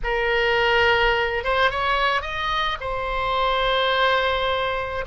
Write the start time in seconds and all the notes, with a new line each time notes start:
0.03 A#4
1.43 C5
1.70 C#5
2.21 D#5
2.80 C5